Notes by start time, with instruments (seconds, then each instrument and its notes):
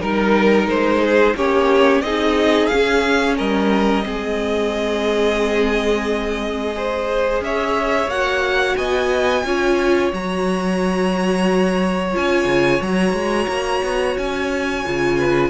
0.00 cello G3, viola D#4, violin A#4
0.66 cello G#3, violin C5
1.02 violin G#4
1.36 cello A#3, viola C#4, violin G4 C#5
2.01 cello C4, viola D#4, violin G#4 D#5
2.67 viola C#4, cello C#4, violin F5
3.37 cello G3, violin A#4 D#5
4.03 cello G#3, viola C4, violin G#4
6.74 viola G#4, violin C5
7.40 cello C#4, violin C#5 E5
8.07 cello A#3, viola F#4, violin F#5
8.76 cello B3, violin D#5 G#5
9.44 cello C#4, viola F4, violin C#5
10.12 cello F#3, viola F#4, violin A#5
12.13 cello C#4, viola F4, violin G#5
12.45 cello C#3
12.82 cello F#3, viola F#4, violin A#5
13.13 cello G#3
13.48 cello A#3
13.83 cello B3
14.17 cello C#4, violin G#5
14.86 cello C#3, viola F4
15.18 violin B4